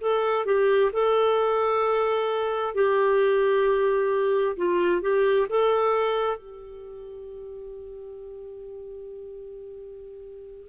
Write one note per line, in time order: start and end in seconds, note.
0.00 0.45 A4
0.45 0.91 G4
0.93 2.74 A4
2.74 4.56 G4
4.57 5.01 F4
5.01 5.47 G4
5.49 6.37 A4
6.37 10.69 G4